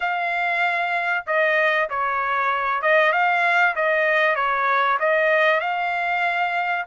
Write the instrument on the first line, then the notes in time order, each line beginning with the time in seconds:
trumpet
0.00 F5
1.26 D#5
1.89 C#5
2.82 D#5
3.12 F5
3.75 D#5
4.35 C#5
4.99 D#5
5.60 F5